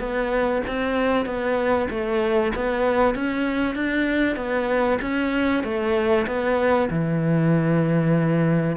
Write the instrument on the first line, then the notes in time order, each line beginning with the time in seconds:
cello
0.00 B3
0.67 C4
1.26 B3
1.90 A3
2.55 B3
3.15 C#4
3.76 D4
4.37 B3
5.02 C#4
5.64 A3
6.27 B3
6.91 E3